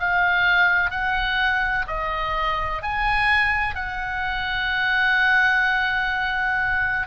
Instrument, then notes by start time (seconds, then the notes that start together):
oboe
0.00 F5
0.91 F#5
1.87 D#5
2.83 G#5
3.75 F#5